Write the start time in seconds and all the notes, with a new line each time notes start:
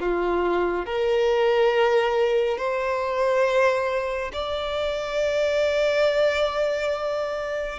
0.00 F4
0.86 A#4
2.58 C5
4.33 D5